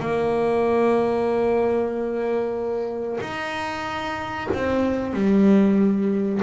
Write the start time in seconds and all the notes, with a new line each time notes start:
0.00 A#3
3.21 D#4
4.54 C4
5.14 G3